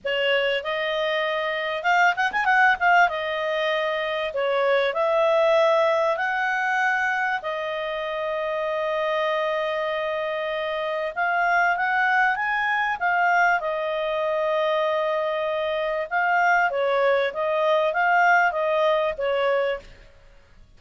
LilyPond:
\new Staff \with { instrumentName = "clarinet" } { \time 4/4 \tempo 4 = 97 cis''4 dis''2 f''8 fis''16 gis''16 | fis''8 f''8 dis''2 cis''4 | e''2 fis''2 | dis''1~ |
dis''2 f''4 fis''4 | gis''4 f''4 dis''2~ | dis''2 f''4 cis''4 | dis''4 f''4 dis''4 cis''4 | }